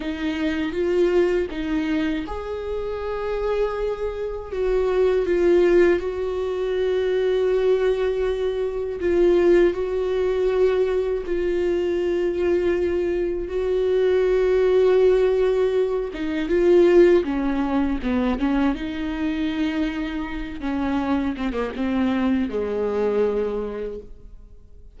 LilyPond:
\new Staff \with { instrumentName = "viola" } { \time 4/4 \tempo 4 = 80 dis'4 f'4 dis'4 gis'4~ | gis'2 fis'4 f'4 | fis'1 | f'4 fis'2 f'4~ |
f'2 fis'2~ | fis'4. dis'8 f'4 cis'4 | b8 cis'8 dis'2~ dis'8 cis'8~ | cis'8 c'16 ais16 c'4 gis2 | }